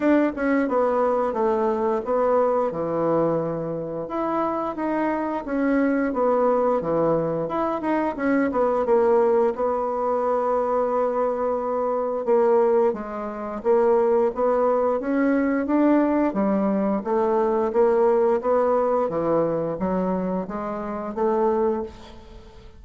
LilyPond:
\new Staff \with { instrumentName = "bassoon" } { \time 4/4 \tempo 4 = 88 d'8 cis'8 b4 a4 b4 | e2 e'4 dis'4 | cis'4 b4 e4 e'8 dis'8 | cis'8 b8 ais4 b2~ |
b2 ais4 gis4 | ais4 b4 cis'4 d'4 | g4 a4 ais4 b4 | e4 fis4 gis4 a4 | }